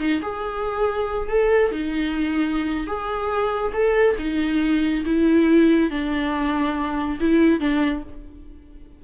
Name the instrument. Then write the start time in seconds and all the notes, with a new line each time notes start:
viola
0.00 D#4
0.22 G#4
1.29 A4
1.72 D#4
2.87 G#4
3.73 A4
4.19 D#4
5.06 E4
5.91 D4
7.20 E4
7.60 D4